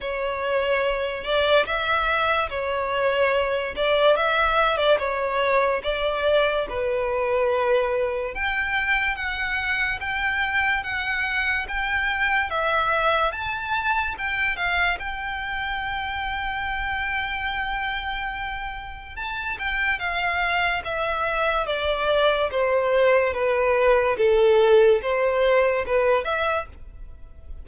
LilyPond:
\new Staff \with { instrumentName = "violin" } { \time 4/4 \tempo 4 = 72 cis''4. d''8 e''4 cis''4~ | cis''8 d''8 e''8. d''16 cis''4 d''4 | b'2 g''4 fis''4 | g''4 fis''4 g''4 e''4 |
a''4 g''8 f''8 g''2~ | g''2. a''8 g''8 | f''4 e''4 d''4 c''4 | b'4 a'4 c''4 b'8 e''8 | }